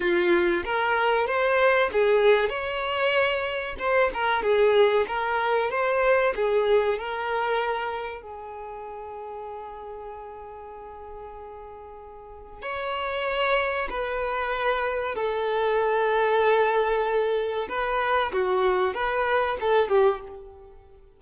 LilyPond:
\new Staff \with { instrumentName = "violin" } { \time 4/4 \tempo 4 = 95 f'4 ais'4 c''4 gis'4 | cis''2 c''8 ais'8 gis'4 | ais'4 c''4 gis'4 ais'4~ | ais'4 gis'2.~ |
gis'1 | cis''2 b'2 | a'1 | b'4 fis'4 b'4 a'8 g'8 | }